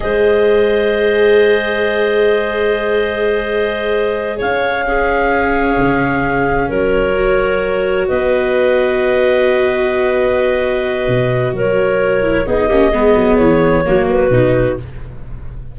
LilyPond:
<<
  \new Staff \with { instrumentName = "clarinet" } { \time 4/4 \tempo 4 = 130 dis''1~ | dis''1~ | dis''4. f''2~ f''8~ | f''2~ f''8 cis''4.~ |
cis''4. dis''2~ dis''8~ | dis''1~ | dis''4 cis''2 dis''4~ | dis''4 cis''4. b'4. | }
  \new Staff \with { instrumentName = "clarinet" } { \time 4/4 c''1~ | c''1~ | c''4. cis''4 gis'4.~ | gis'2~ gis'8 ais'4.~ |
ais'4. b'2~ b'8~ | b'1~ | b'4 ais'2 gis'8 g'8 | gis'2 fis'2 | }
  \new Staff \with { instrumentName = "viola" } { \time 4/4 gis'1~ | gis'1~ | gis'2~ gis'8 cis'4.~ | cis'2.~ cis'8 fis'8~ |
fis'1~ | fis'1~ | fis'2~ fis'8 e'8 dis'8 cis'8 | b2 ais4 dis'4 | }
  \new Staff \with { instrumentName = "tuba" } { \time 4/4 gis1~ | gis1~ | gis4. cis'2~ cis'8~ | cis'8 cis2 fis4.~ |
fis4. b2~ b8~ | b1 | b,4 fis2 b8 ais8 | gis8 fis8 e4 fis4 b,4 | }
>>